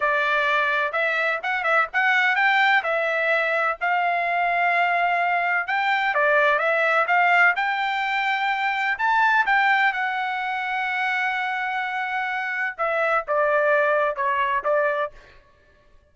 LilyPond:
\new Staff \with { instrumentName = "trumpet" } { \time 4/4 \tempo 4 = 127 d''2 e''4 fis''8 e''8 | fis''4 g''4 e''2 | f''1 | g''4 d''4 e''4 f''4 |
g''2. a''4 | g''4 fis''2.~ | fis''2. e''4 | d''2 cis''4 d''4 | }